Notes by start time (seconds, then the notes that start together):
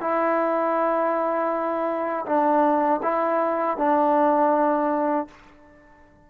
0.00 E4
2.25 D4
3.02 E4
3.77 D4